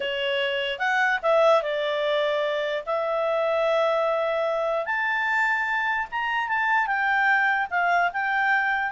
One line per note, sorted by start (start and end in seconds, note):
0.00 0.79 C#5
0.79 1.19 F#5
1.22 1.62 E5
1.62 2.84 D5
2.86 4.85 E5
4.85 6.07 A5
6.11 6.48 A#5
6.48 6.86 A5
6.86 7.67 G5
7.70 8.11 F5
8.12 8.91 G5